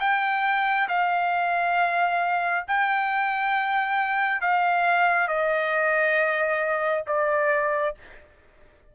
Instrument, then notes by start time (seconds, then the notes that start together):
trumpet
0.00 G5
0.89 F5
2.68 G5
4.42 F5
5.28 D#5
7.07 D5